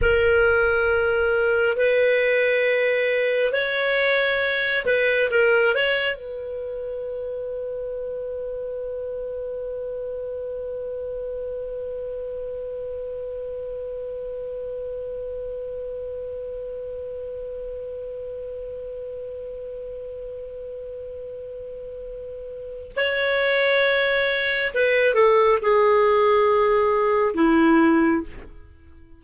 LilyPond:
\new Staff \with { instrumentName = "clarinet" } { \time 4/4 \tempo 4 = 68 ais'2 b'2 | cis''4. b'8 ais'8 cis''8 b'4~ | b'1~ | b'1~ |
b'1~ | b'1~ | b'2 cis''2 | b'8 a'8 gis'2 e'4 | }